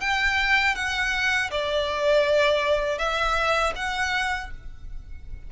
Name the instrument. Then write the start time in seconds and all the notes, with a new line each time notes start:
violin
0.00 G5
0.75 F#5
1.50 D5
2.98 E5
3.75 F#5